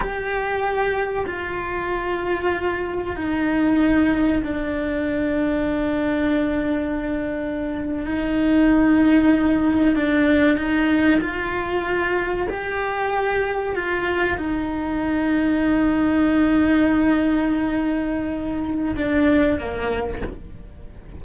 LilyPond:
\new Staff \with { instrumentName = "cello" } { \time 4/4 \tempo 4 = 95 g'2 f'2~ | f'4 dis'2 d'4~ | d'1~ | d'8. dis'2. d'16~ |
d'8. dis'4 f'2 g'16~ | g'4.~ g'16 f'4 dis'4~ dis'16~ | dis'1~ | dis'2 d'4 ais4 | }